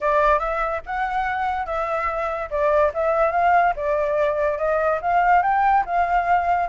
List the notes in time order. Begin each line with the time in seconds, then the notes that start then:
0.00 D5
0.39 E5
0.86 F#5
1.66 E5
2.50 D5
2.94 E5
3.31 F5
3.75 D5
4.58 D#5
5.01 F5
5.42 G5
5.85 F5